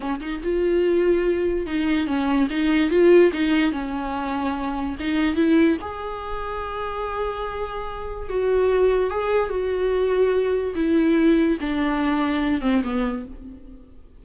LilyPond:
\new Staff \with { instrumentName = "viola" } { \time 4/4 \tempo 4 = 145 cis'8 dis'8 f'2. | dis'4 cis'4 dis'4 f'4 | dis'4 cis'2. | dis'4 e'4 gis'2~ |
gis'1 | fis'2 gis'4 fis'4~ | fis'2 e'2 | d'2~ d'8 c'8 b4 | }